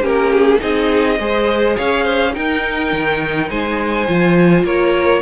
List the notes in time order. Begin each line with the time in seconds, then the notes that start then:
0.00 A#3 C#4 G4 A#4
0.33 G#4
0.59 C4 D#4 G#4 D#5
1.19 G#3 G#4 C5
1.76 C#4 C#5 F5
2.03 C5
2.32 D#4 A#4 G5
2.92 D#3
3.49 G#3 C5 G#5
4.07 F3 F4
4.63 A#3 A#4 C#5